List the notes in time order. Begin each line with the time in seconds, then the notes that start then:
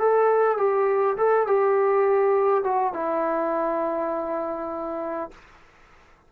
0.00 A4
0.58 G4
1.17 A4
1.47 G4
2.64 F#4
2.94 E4